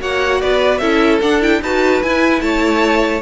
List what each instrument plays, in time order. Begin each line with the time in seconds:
0.00 cello A#3, viola F#4, violin C#5 F#5
0.41 cello B3, violin B4 D5
0.78 cello C#4, viola E4, violin A4 E5
1.22 cello D4, viola D4, violin F#5
1.41 viola E4, violin G5
1.62 cello D#4, viola F#4, violin B4 A5
2.02 cello E4, viola E4, violin G#5
2.41 cello A3, violin C#5 A5